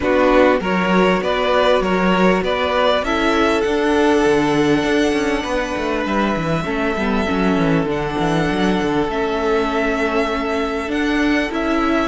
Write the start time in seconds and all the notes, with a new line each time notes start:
0.00 B3 D4 F#4 B4
0.60 F#3 F#4 A#4 C#5
1.21 B3 B4 D5
1.81 F#3 A#4 C#5
2.42 B3 B4 D5
3.02 C#4 E4 A4 E5
3.61 D4 F#5
4.25 D3
4.83 D4
5.12 C#4
5.43 B3 B4
5.77 A3
6.05 G3 E5
6.35 E3
6.64 A3 C#4 A4
6.96 G3 B3
7.26 F#3 C#4
7.57 E3
7.85 D3 D4 F#5
8.19 E3
8.50 F#3
8.82 D3
9.07 A3 C#4 E5
10.87 D4 F#5
11.50 C#4 E4 E5